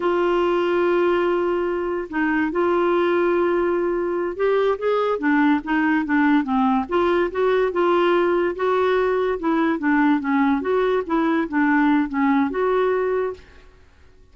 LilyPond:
\new Staff \with { instrumentName = "clarinet" } { \time 4/4 \tempo 4 = 144 f'1~ | f'4 dis'4 f'2~ | f'2~ f'8 g'4 gis'8~ | gis'8 d'4 dis'4 d'4 c'8~ |
c'8 f'4 fis'4 f'4.~ | f'8 fis'2 e'4 d'8~ | d'8 cis'4 fis'4 e'4 d'8~ | d'4 cis'4 fis'2 | }